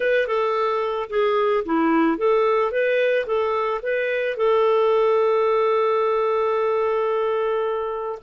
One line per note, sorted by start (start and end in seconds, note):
0.00 0.27 B4
0.27 1.09 A4
1.09 1.64 G#4
1.65 2.17 E4
2.17 2.71 A4
2.71 3.26 B4
3.26 3.81 A4
3.82 4.36 B4
4.36 8.18 A4